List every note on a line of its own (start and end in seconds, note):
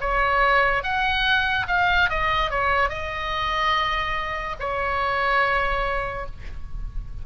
0.00 0.83 C#5
0.83 1.67 F#5
1.68 2.09 F5
2.09 2.50 D#5
2.50 2.89 C#5
2.89 4.56 D#5
4.59 6.26 C#5